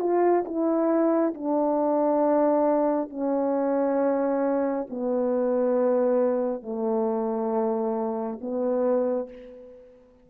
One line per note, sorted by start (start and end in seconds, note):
0.00 0.44 F4
0.45 1.34 E4
1.34 3.10 D4
3.10 4.86 C#4
4.90 6.63 B3
6.63 8.39 A3
8.41 9.29 B3